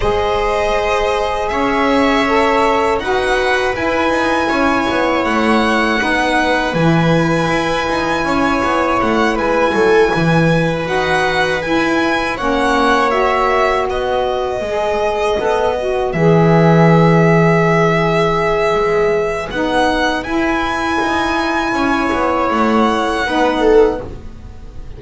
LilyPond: <<
  \new Staff \with { instrumentName = "violin" } { \time 4/4 \tempo 4 = 80 dis''2 e''2 | fis''4 gis''2 fis''4~ | fis''4 gis''2. | fis''8 gis''2 fis''4 gis''8~ |
gis''8 fis''4 e''4 dis''4.~ | dis''4. e''2~ e''8~ | e''2 fis''4 gis''4~ | gis''2 fis''2 | }
  \new Staff \with { instrumentName = "viola" } { \time 4/4 c''2 cis''2 | b'2 cis''2 | b'2. cis''4~ | cis''8 b'8 a'8 b'2~ b'8~ |
b'8 cis''2 b'4.~ | b'1~ | b'1~ | b'4 cis''2 b'8 a'8 | }
  \new Staff \with { instrumentName = "saxophone" } { \time 4/4 gis'2. a'4 | fis'4 e'2. | dis'4 e'2.~ | e'2~ e'8 fis'4 e'8~ |
e'8 cis'4 fis'2 gis'8~ | gis'8 a'8 fis'8 gis'2~ gis'8~ | gis'2 dis'4 e'4~ | e'2. dis'4 | }
  \new Staff \with { instrumentName = "double bass" } { \time 4/4 gis2 cis'2 | dis'4 e'8 dis'8 cis'8 b8 a4 | b4 e4 e'8 dis'8 cis'8 b8 | a8 gis8 fis8 e4 dis'4 e'8~ |
e'8 ais2 b4 gis8~ | gis8 b4 e2~ e8~ | e4 gis4 b4 e'4 | dis'4 cis'8 b8 a4 b4 | }
>>